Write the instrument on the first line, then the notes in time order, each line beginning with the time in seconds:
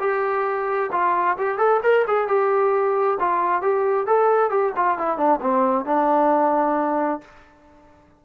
trombone
0.00 G4
0.92 F4
1.38 G4
1.58 A4
1.83 A#4
2.08 G#4
2.28 G4
3.20 F4
3.62 G4
4.07 A4
4.50 G4
4.77 F4
4.98 E4
5.18 D4
5.41 C4
5.86 D4